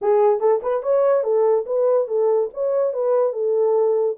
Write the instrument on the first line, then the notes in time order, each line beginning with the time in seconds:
horn
0.01 G#4
0.40 A4
0.62 B4
0.83 C#5
1.23 A4
1.66 B4
2.07 A4
2.53 C#5
2.93 B4
3.33 A4